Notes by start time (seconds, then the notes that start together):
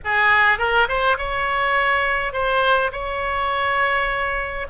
0.04 G#4
0.58 A#4
0.88 C5
1.17 C#5
2.32 C5
2.92 C#5